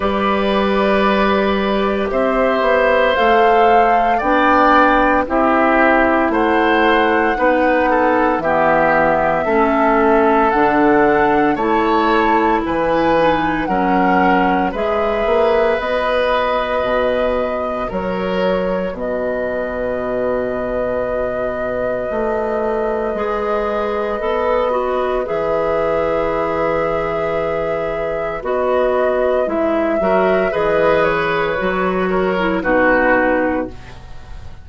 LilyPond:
<<
  \new Staff \with { instrumentName = "flute" } { \time 4/4 \tempo 4 = 57 d''2 e''4 f''4 | g''4 e''4 fis''2 | e''2 fis''4 a''4 | gis''4 fis''4 e''4 dis''4~ |
dis''4 cis''4 dis''2~ | dis''1 | e''2. dis''4 | e''4 dis''8 cis''4. b'4 | }
  \new Staff \with { instrumentName = "oboe" } { \time 4/4 b'2 c''2 | d''4 g'4 c''4 b'8 a'8 | g'4 a'2 cis''4 | b'4 ais'4 b'2~ |
b'4 ais'4 b'2~ | b'1~ | b'1~ | b'8 ais'8 b'4. ais'8 fis'4 | }
  \new Staff \with { instrumentName = "clarinet" } { \time 4/4 g'2. a'4 | d'4 e'2 dis'4 | b4 cis'4 d'4 e'4~ | e'8 dis'8 cis'4 gis'4 fis'4~ |
fis'1~ | fis'2 gis'4 a'8 fis'8 | gis'2. fis'4 | e'8 fis'8 gis'4 fis'8. e'16 dis'4 | }
  \new Staff \with { instrumentName = "bassoon" } { \time 4/4 g2 c'8 b8 a4 | b4 c'4 a4 b4 | e4 a4 d4 a4 | e4 fis4 gis8 ais8 b4 |
b,4 fis4 b,2~ | b,4 a4 gis4 b4 | e2. b4 | gis8 fis8 e4 fis4 b,4 | }
>>